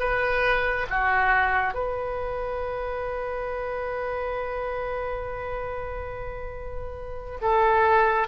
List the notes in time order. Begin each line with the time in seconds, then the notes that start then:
0.00 B4
0.91 F#4
1.74 B4
7.42 A4